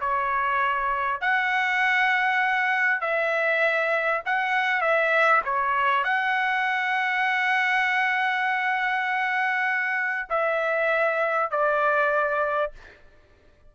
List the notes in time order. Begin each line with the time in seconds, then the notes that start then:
0.00 C#5
1.20 F#5
3.00 E5
4.25 F#5
4.80 E5
5.44 C#5
6.04 F#5
10.29 E5
11.50 D5